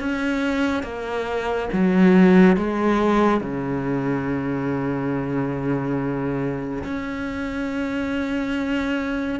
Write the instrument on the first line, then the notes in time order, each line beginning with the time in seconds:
cello
0.00 C#4
0.83 A#3
1.73 F#3
2.57 G#3
3.41 C#3
6.84 C#4